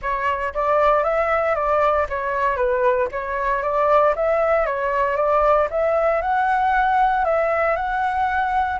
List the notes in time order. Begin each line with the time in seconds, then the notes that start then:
0.01 C#5
0.54 D5
1.03 E5
1.55 D5
2.09 C#5
2.56 B4
3.11 C#5
3.62 D5
4.15 E5
4.66 C#5
5.16 D5
5.70 E5
6.21 F#5
7.25 E5
7.76 F#5